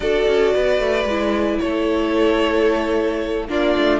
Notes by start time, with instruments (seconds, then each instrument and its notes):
0.00 cello D4, viola F#4, violin A4 D5
0.27 cello C#4
0.54 cello B3, violin B4
0.79 cello A3
1.04 cello G#3, viola E4
1.58 cello A3, violin A4 C#5
3.48 cello A#3, viola D4, violin F4 D5
3.76 cello A3